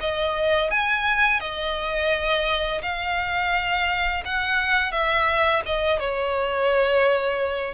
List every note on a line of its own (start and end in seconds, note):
0.00 0.71 D#5
0.71 1.40 G#5
1.40 2.81 D#5
2.82 4.24 F5
4.25 4.92 F#5
4.92 5.62 E5
5.66 6.00 D#5
6.00 7.74 C#5